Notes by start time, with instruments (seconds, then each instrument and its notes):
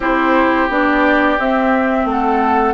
0.00 bassoon C4, clarinet E4, oboe G4, flute C5
0.69 bassoon B3, clarinet D4, flute D5
1.38 bassoon C4, clarinet C4, flute E5
2.05 bassoon A3, oboe A4, flute F#5